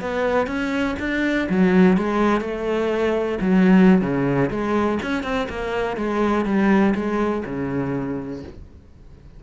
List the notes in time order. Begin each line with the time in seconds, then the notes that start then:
0.00 B3
0.47 C#4
0.99 D4
1.49 F#3
1.97 G#3
2.41 A3
3.41 F#3
4.01 C#3
4.50 G#3
5.02 C#4
5.23 C4
5.49 A#3
5.97 G#3
6.45 G3
6.95 G#3
7.46 C#3